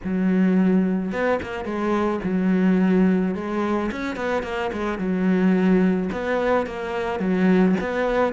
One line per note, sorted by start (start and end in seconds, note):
0.04 1.11 F#3
1.11 1.39 B3
1.42 1.64 A#3
1.64 2.20 G#3
2.23 3.34 F#3
3.34 3.90 G#3
3.91 4.15 C#4
4.15 4.42 B3
4.42 4.70 A#3
4.72 4.98 G#3
4.98 6.09 F#3
6.11 6.66 B3
6.66 7.19 A#3
7.19 7.75 F#3
7.80 8.33 B3